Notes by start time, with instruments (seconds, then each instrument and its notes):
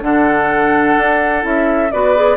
0.00 bassoon D3, clarinet D4, oboe A4, flute F#5
0.98 bassoon D4
1.42 bassoon C#4, clarinet E4, flute E5
1.92 bassoon B3, clarinet F#4, oboe B4, flute D5
2.16 clarinet G#4